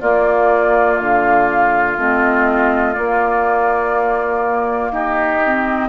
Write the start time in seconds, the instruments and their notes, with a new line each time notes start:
0.00 bassoon A#3, clarinet A#3, oboe F4, flute D5
0.98 bassoon D3, flute F5
1.97 bassoon A3, clarinet C4, flute D#5
2.93 clarinet A#3, bassoon A#3, flute D5
4.91 bassoon D#4, oboe G4, flute D#5
5.44 clarinet C4